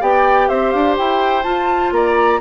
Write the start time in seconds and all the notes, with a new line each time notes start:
0.00 B3 G4 D5 G5
0.48 C4 C5 E5
0.71 D4 F5
0.97 E4 G5
1.43 F4 A5
1.91 A#3 D5 A#5